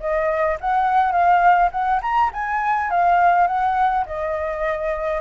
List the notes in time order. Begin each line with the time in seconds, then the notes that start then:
0.00 D#5
0.61 F#5
1.12 F5
1.72 F#5
2.02 A#5
2.33 G#5
2.91 F5
3.47 F#5
4.06 D#5